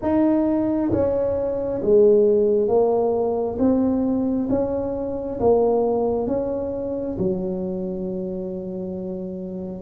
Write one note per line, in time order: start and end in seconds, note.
0.02 0.91 D#4
0.92 1.81 C#4
1.82 2.67 G#3
2.67 3.57 A#3
3.58 4.48 C4
4.49 5.39 C#4
5.40 6.27 A#3
6.27 7.16 C#4
7.18 9.81 F#3